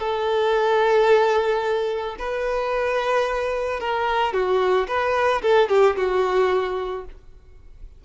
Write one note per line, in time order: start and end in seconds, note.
0.00 2.16 A4
2.19 3.80 B4
3.80 4.33 A#4
4.33 4.87 F#4
4.88 5.42 B4
5.42 5.69 A4
5.69 5.96 G4
5.97 7.05 F#4